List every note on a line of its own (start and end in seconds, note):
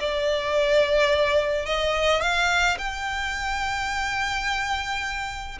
0.00 1.66 D5
1.66 2.21 D#5
2.21 2.78 F5
2.78 5.59 G5